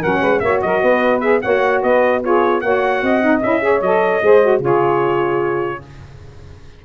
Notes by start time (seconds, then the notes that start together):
0.00 F#3 C#4 A#4 F#5
0.21 G#3 B4
0.40 A#3 F#4 C#5 E5
0.62 F#3 A#4 D#5
0.82 B3 B4
1.21 G#4 E5
1.42 A#3 F#4 C#5 F#5
1.82 B3 B4 D#5
2.22 F4 G#4 C#5
2.61 A#3 F#4 C#5 F#5
3.03 C4 D#5
3.22 D#4
3.42 C#4 E4 E5
3.61 G#4 C#5
3.82 F#3 A4 D#5
4.22 G#3 G#4 C5
4.43 F#4
4.60 C#3 F4 G#4 C#5